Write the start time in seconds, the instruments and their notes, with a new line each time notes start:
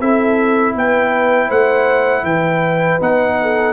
0.00 tuba C4, trombone E4, horn A4, trumpet E5
0.75 tuba B3, horn B4, trumpet G5
1.47 tuba A3, horn C5, trumpet F#5
2.23 tuba E3, horn B4, trumpet G5
3.00 tuba B3, trombone D#4, trumpet F#5
3.41 horn A4